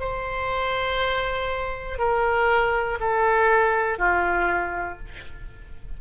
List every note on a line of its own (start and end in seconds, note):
0.00 1.99 C5
1.99 2.99 A#4
3.00 3.99 A4
3.99 4.99 F4